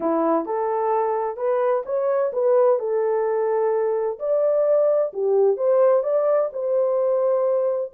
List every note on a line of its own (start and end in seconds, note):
0.00 0.45 E4
0.45 1.36 A4
1.36 1.83 B4
1.85 2.32 C#5
2.32 2.79 B4
2.79 4.18 A4
4.19 5.12 D5
5.13 5.56 G4
5.56 6.03 C5
6.03 6.49 D5
6.52 7.92 C5